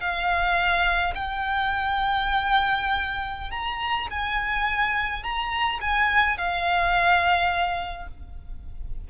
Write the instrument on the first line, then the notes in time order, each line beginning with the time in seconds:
violin
0.00 F5
1.14 G5
3.50 A#5
4.10 G#5
5.23 A#5
5.81 G#5
6.37 F5